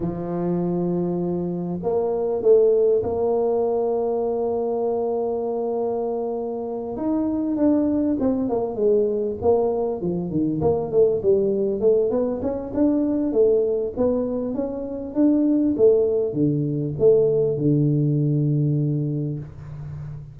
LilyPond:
\new Staff \with { instrumentName = "tuba" } { \time 4/4 \tempo 4 = 99 f2. ais4 | a4 ais2.~ | ais2.~ ais8 dis'8~ | dis'8 d'4 c'8 ais8 gis4 ais8~ |
ais8 f8 dis8 ais8 a8 g4 a8 | b8 cis'8 d'4 a4 b4 | cis'4 d'4 a4 d4 | a4 d2. | }